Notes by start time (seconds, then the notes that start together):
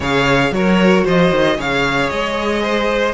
0.00 C#3 G#4 C#5 F5
0.50 F#3 F#4 A#4 C#5
1.04 F3 C5 D#5
1.31 D#3
1.57 C#3 G#4 C#5 F5
2.09 G#3 D#5
2.62 C5